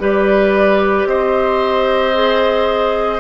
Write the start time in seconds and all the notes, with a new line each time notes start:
0.00 G3 G4 B4 D5
1.06 C4 C5 D#5
2.14 G#4